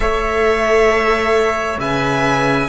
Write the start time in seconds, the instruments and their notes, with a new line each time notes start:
0.00 cello A3, viola A4, trumpet C#5, violin E5
1.78 cello C#3, viola B4, trumpet E5, violin G#5